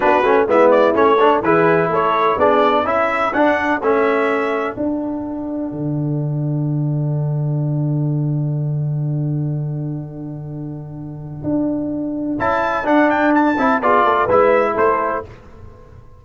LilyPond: <<
  \new Staff \with { instrumentName = "trumpet" } { \time 4/4 \tempo 4 = 126 b'4 e''8 d''8 cis''4 b'4 | cis''4 d''4 e''4 fis''4 | e''2 fis''2~ | fis''1~ |
fis''1~ | fis''1~ | fis''2 a''4 fis''8 g''8 | a''4 d''4 e''4 c''4 | }
  \new Staff \with { instrumentName = "horn" } { \time 4/4 fis'4 e'4. a'8 gis'4 | a'4 gis'4 a'2~ | a'1~ | a'1~ |
a'1~ | a'1~ | a'1~ | a'4 gis'8 a'8 b'4 a'4 | }
  \new Staff \with { instrumentName = "trombone" } { \time 4/4 d'8 cis'8 b4 cis'8 d'8 e'4~ | e'4 d'4 e'4 d'4 | cis'2 d'2~ | d'1~ |
d'1~ | d'1~ | d'2 e'4 d'4~ | d'8 e'8 f'4 e'2 | }
  \new Staff \with { instrumentName = "tuba" } { \time 4/4 b8 a8 gis4 a4 e4 | a4 b4 cis'4 d'4 | a2 d'2 | d1~ |
d1~ | d1 | d'2 cis'4 d'4~ | d'8 c'8 b8 a8 gis4 a4 | }
>>